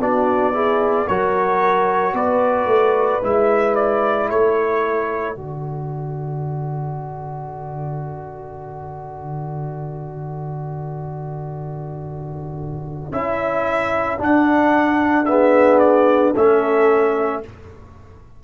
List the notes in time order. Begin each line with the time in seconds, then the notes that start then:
0.00 B3 D4 F#4 D5
0.54 E4 G#4
1.07 F#3 F#4 A#4 C#5
2.14 B3 B4 D5
2.66 A3
3.22 G#3 E4 E5
3.76 D5
4.29 A3 A4 C#5
5.36 D3 F#4 D5
13.12 C#4 E4 E5
14.19 D4 F#5
15.26 B3 G#4 E5
15.79 D5
16.33 A3 C#4 A4 E5